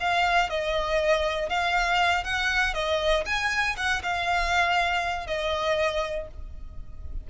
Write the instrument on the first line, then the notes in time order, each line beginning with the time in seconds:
violin
0.00 F5
0.50 D#5
1.49 F5
2.24 F#5
2.74 D#5
3.26 G#5
3.77 F#5
4.03 F5
5.27 D#5